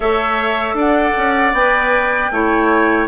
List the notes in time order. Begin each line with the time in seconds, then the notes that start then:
0.00 A3 A4 C#5 E5
0.74 D4 D5 F#5
1.16 C#4
1.52 B3 B4 G5
2.30 A3 E4 C#5